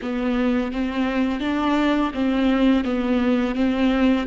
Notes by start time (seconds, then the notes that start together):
0.02 B3
0.71 C4
1.40 D4
2.14 C4
2.84 B3
3.55 C4